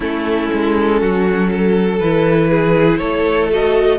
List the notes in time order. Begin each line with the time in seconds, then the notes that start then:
0.00 A3 C#4 E4 A4
0.53 G#3
1.00 F#3 F#4
1.51 A4
1.99 E3 E4 B4
2.50 G#4
2.97 A3 A4 C#5
3.51 F#4 D#5